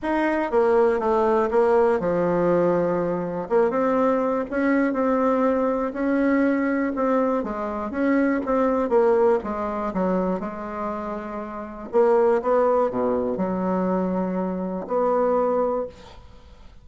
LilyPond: \new Staff \with { instrumentName = "bassoon" } { \time 4/4 \tempo 4 = 121 dis'4 ais4 a4 ais4 | f2. ais8 c'8~ | c'4 cis'4 c'2 | cis'2 c'4 gis4 |
cis'4 c'4 ais4 gis4 | fis4 gis2. | ais4 b4 b,4 fis4~ | fis2 b2 | }